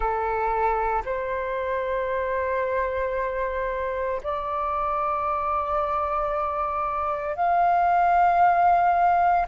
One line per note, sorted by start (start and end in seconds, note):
0.00 1.02 A4
1.05 4.21 C5
4.23 7.35 D5
7.35 9.45 F5